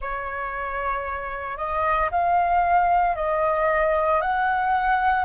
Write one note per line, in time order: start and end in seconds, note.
0.01 1.57 C#5
1.57 2.10 D#5
2.11 3.15 F5
3.15 4.21 D#5
4.21 5.24 F#5